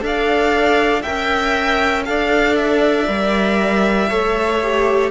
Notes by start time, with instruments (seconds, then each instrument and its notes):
0.00 cello D4, viola A4, violin D5 F5
1.02 cello C#4, viola A#4, violin E5 G5
2.05 cello D4, viola A4, violin D5 F5
2.55 violin E5
3.07 cello G3, viola A#4
4.09 cello A3, viola A4, violin C#5
4.62 viola G4